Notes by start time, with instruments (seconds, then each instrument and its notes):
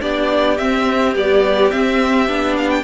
0.00 cello B3, viola D4, violin G4 D5
0.57 cello C4, viola C4, violin E5
1.15 viola G3, cello B3, violin D5
1.71 viola C4, cello C4, violin E5
2.27 cello B3, viola D4
2.56 violin F5
2.69 violin G5